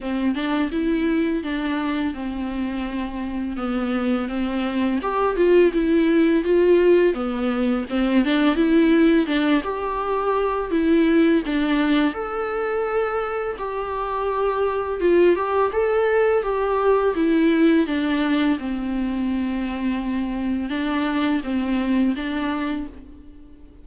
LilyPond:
\new Staff \with { instrumentName = "viola" } { \time 4/4 \tempo 4 = 84 c'8 d'8 e'4 d'4 c'4~ | c'4 b4 c'4 g'8 f'8 | e'4 f'4 b4 c'8 d'8 | e'4 d'8 g'4. e'4 |
d'4 a'2 g'4~ | g'4 f'8 g'8 a'4 g'4 | e'4 d'4 c'2~ | c'4 d'4 c'4 d'4 | }